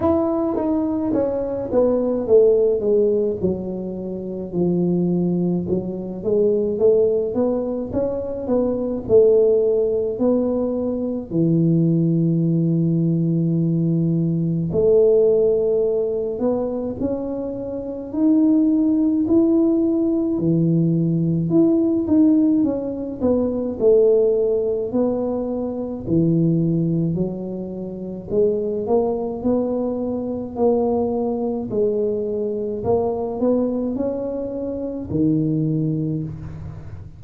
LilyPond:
\new Staff \with { instrumentName = "tuba" } { \time 4/4 \tempo 4 = 53 e'8 dis'8 cis'8 b8 a8 gis8 fis4 | f4 fis8 gis8 a8 b8 cis'8 b8 | a4 b4 e2~ | e4 a4. b8 cis'4 |
dis'4 e'4 e4 e'8 dis'8 | cis'8 b8 a4 b4 e4 | fis4 gis8 ais8 b4 ais4 | gis4 ais8 b8 cis'4 dis4 | }